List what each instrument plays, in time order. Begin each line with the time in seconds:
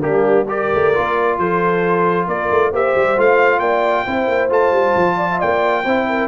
0.00 tuba G3, trombone A#3, horn D4, trumpet G4
0.48 trombone G4, horn A#4, trumpet D5
0.74 tuba A3
0.94 tuba A#3, trombone F4
1.38 tuba F3, horn A4, trumpet C5
2.27 tuba A#3, horn A#4, trumpet D5
2.50 tuba A3
2.70 tuba A#3, trombone G4, horn C5, trumpet E5
2.95 tuba G3
3.17 tuba A3, trombone F4, trumpet F5
3.59 tuba A#3, horn D5, trumpet G5
4.06 tuba C4, trombone E4, horn C5
4.27 tuba A#3
4.49 tuba A3, trombone F4, trumpet A5
4.71 tuba G3
4.95 tuba F3
5.17 horn D5
5.31 horn E5
5.39 tuba A#3, horn D5, trumpet G5
5.84 tuba C4, trombone E4, horn C5
6.09 horn A#4